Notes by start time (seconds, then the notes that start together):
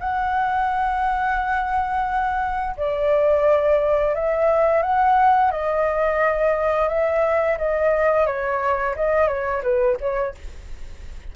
0.00 F#5
2.77 D5
4.15 E5
4.82 F#5
5.52 D#5
6.89 E5
7.58 D#5
8.27 C#5
8.96 D#5
9.28 C#5
9.63 B4
10.01 C#5